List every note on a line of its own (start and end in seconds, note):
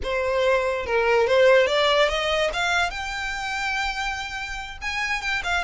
0.03 0.85 C5
0.85 1.27 A#4
1.27 1.67 C5
1.67 2.08 D5
2.08 2.50 D#5
2.53 2.90 F5
2.90 4.77 G5
4.81 5.21 G#5
5.21 5.42 G5
5.43 5.64 F5